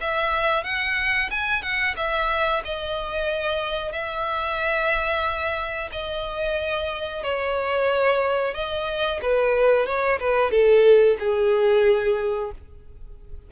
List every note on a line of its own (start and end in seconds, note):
0.00 0.64 E5
0.64 1.29 F#5
1.30 1.62 G#5
1.62 1.95 F#5
1.96 2.62 E5
2.64 3.92 D#5
3.92 5.90 E5
5.92 7.23 D#5
7.23 8.54 C#5
8.54 9.20 D#5
9.22 9.86 B4
9.86 10.19 C#5
10.20 10.51 B4
10.51 11.17 A4
11.19 12.51 G#4